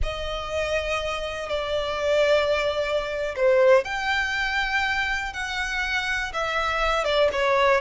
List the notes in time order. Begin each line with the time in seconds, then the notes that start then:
0.02 D#5
1.49 D5
3.36 C5
3.84 G5
5.33 F#5
6.33 E5
7.04 D5
7.32 C#5